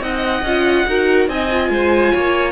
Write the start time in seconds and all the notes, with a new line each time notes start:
0.00 C4 D#4 D#5 F#5
0.43 C#4 F4
0.87 D#4 F#4 A#4
1.28 C4 D#4 D#5 G#5
1.51 F4
1.70 G#3 C5
2.13 A#3 C#5